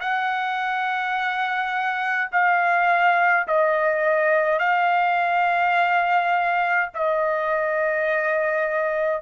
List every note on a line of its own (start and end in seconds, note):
0.00 2.31 F#5
2.31 3.47 F5
3.47 4.59 D#5
4.59 6.90 F5
6.94 9.22 D#5